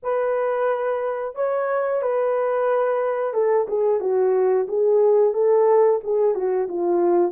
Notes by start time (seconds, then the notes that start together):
0.02 B4
1.35 C#5
2.02 B4
3.33 A4
3.68 G#4
4.00 F#4
4.68 G#4
5.33 A4
6.03 G#4
6.35 F#4
6.68 F4